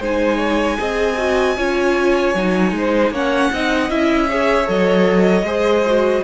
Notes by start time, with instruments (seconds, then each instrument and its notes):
0.00 cello G#3, viola D#4, violin C5 G#5
0.38 violin C#5
0.78 cello C4, viola G#4, violin D#5
1.18 viola F#4
1.57 cello C#4, viola F4, violin C#5
2.35 cello F#3, viola D#4
2.72 cello G#3, violin C5
3.11 cello A#3, viola C#4, violin C#5 F#5
3.52 cello C4, viola D#4, violin D#5
3.90 cello C#4, viola E4, violin E5
4.29 viola G#4, violin C#5
4.66 cello F#3, viola A4, violin D#5
5.43 cello G#3, viola G#4, violin C5
5.86 viola F#4